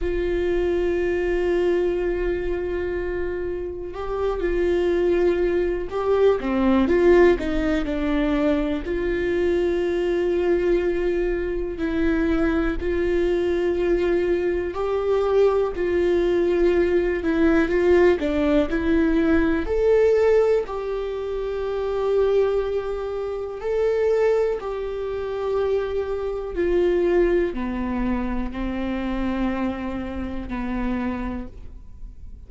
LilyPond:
\new Staff \with { instrumentName = "viola" } { \time 4/4 \tempo 4 = 61 f'1 | g'8 f'4. g'8 c'8 f'8 dis'8 | d'4 f'2. | e'4 f'2 g'4 |
f'4. e'8 f'8 d'8 e'4 | a'4 g'2. | a'4 g'2 f'4 | b4 c'2 b4 | }